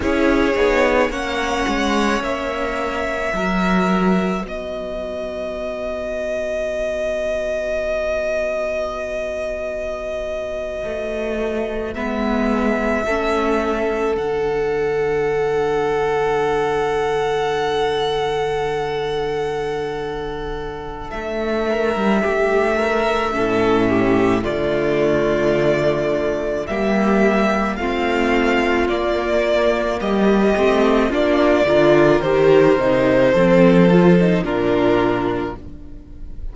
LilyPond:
<<
  \new Staff \with { instrumentName = "violin" } { \time 4/4 \tempo 4 = 54 cis''4 fis''4 e''2 | dis''1~ | dis''2~ dis''8. e''4~ e''16~ | e''8. fis''2.~ fis''16~ |
fis''2. e''4~ | e''2 d''2 | e''4 f''4 d''4 dis''4 | d''4 c''2 ais'4 | }
  \new Staff \with { instrumentName = "violin" } { \time 4/4 gis'4 cis''2 ais'4 | b'1~ | b'2.~ b'8. a'16~ | a'1~ |
a'2.~ a'8 ais'8 | g'8 ais'8 a'8 g'8 f'2 | g'4 f'2 g'4 | f'8 ais'4. a'4 f'4 | }
  \new Staff \with { instrumentName = "viola" } { \time 4/4 e'8 dis'8 cis'2 fis'4~ | fis'1~ | fis'2~ fis'8. b4 cis'16~ | cis'8. d'2.~ d'16~ |
d'1~ | d'4 cis'4 a2 | ais4 c'4 ais4. c'8 | d'8 f'8 g'8 dis'8 c'8 f'16 dis'16 d'4 | }
  \new Staff \with { instrumentName = "cello" } { \time 4/4 cis'8 b8 ais8 gis8 ais4 fis4 | b1~ | b4.~ b16 a4 gis4 a16~ | a8. d2.~ d16~ |
d2. a8. g16 | a4 a,4 d2 | g4 a4 ais4 g8 a8 | ais8 d8 dis8 c8 f4 ais,4 | }
>>